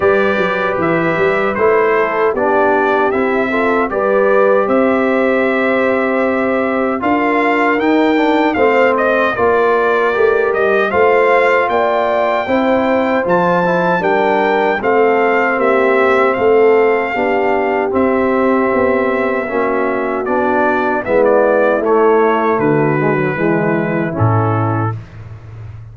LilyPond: <<
  \new Staff \with { instrumentName = "trumpet" } { \time 4/4 \tempo 4 = 77 d''4 e''4 c''4 d''4 | e''4 d''4 e''2~ | e''4 f''4 g''4 f''8 dis''8 | d''4. dis''8 f''4 g''4~ |
g''4 a''4 g''4 f''4 | e''4 f''2 e''4~ | e''2 d''4 e''16 d''8. | cis''4 b'2 a'4 | }
  \new Staff \with { instrumentName = "horn" } { \time 4/4 b'2~ b'8 a'8 g'4~ | g'8 a'8 b'4 c''2~ | c''4 ais'2 c''4 | ais'2 c''4 d''4 |
c''2 ais'4 a'4 | g'4 a'4 g'2~ | g'4 fis'2 e'4~ | e'4 fis'4 e'2 | }
  \new Staff \with { instrumentName = "trombone" } { \time 4/4 g'2 e'4 d'4 | e'8 f'8 g'2.~ | g'4 f'4 dis'8 d'8 c'4 | f'4 g'4 f'2 |
e'4 f'8 e'8 d'4 c'4~ | c'2 d'4 c'4~ | c'4 cis'4 d'4 b4 | a4. gis16 fis16 gis4 cis'4 | }
  \new Staff \with { instrumentName = "tuba" } { \time 4/4 g8 fis8 e8 g8 a4 b4 | c'4 g4 c'2~ | c'4 d'4 dis'4 a4 | ais4 a8 g8 a4 ais4 |
c'4 f4 g4 a4 | ais4 a4 b4 c'4 | b4 ais4 b4 gis4 | a4 d4 e4 a,4 | }
>>